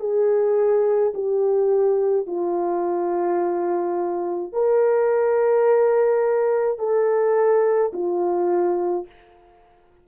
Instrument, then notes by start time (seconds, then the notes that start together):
horn
0.00 G#4
1.14 G4
2.27 F4
4.53 A#4
6.79 A4
7.93 F4